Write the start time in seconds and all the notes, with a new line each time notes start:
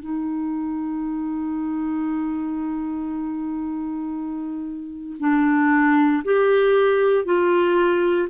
0.00 D#4
5.20 D4
6.24 G4
7.26 F4